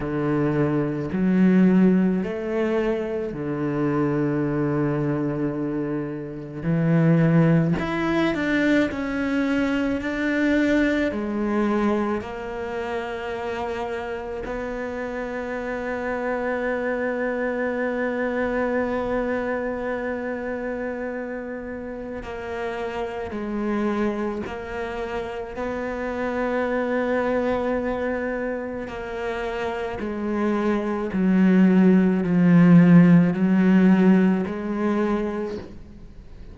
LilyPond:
\new Staff \with { instrumentName = "cello" } { \time 4/4 \tempo 4 = 54 d4 fis4 a4 d4~ | d2 e4 e'8 d'8 | cis'4 d'4 gis4 ais4~ | ais4 b2.~ |
b1 | ais4 gis4 ais4 b4~ | b2 ais4 gis4 | fis4 f4 fis4 gis4 | }